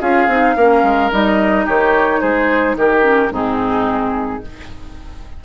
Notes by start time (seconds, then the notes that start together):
0.00 C#4 F4 G#4 F5
0.27 C4 D#4
0.56 A#3 C#4 A#4
0.82 G#3
1.11 G3 D#4 D#5
1.65 D#3 G4 C#5
2.20 G#3 G#4 C5
2.75 D#3 G4 A#4
3.02 C#4
3.30 G#2 C4 D#4 G#4